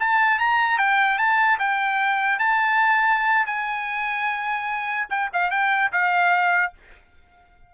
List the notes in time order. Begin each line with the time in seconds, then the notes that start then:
0.00 A5
0.39 A#5
0.78 G5
1.18 A5
1.59 G5
2.39 A5
3.47 G#5
5.10 G5
5.33 F5
5.51 G5
5.93 F5